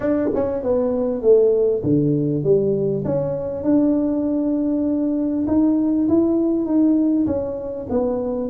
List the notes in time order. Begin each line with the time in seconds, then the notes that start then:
0.00 D4
0.34 C#4
0.62 B3
1.21 A3
1.83 D3
2.43 G3
3.04 C#4
3.63 D4
5.47 D#4
6.08 E4
6.65 D#4
7.26 C#4
7.89 B3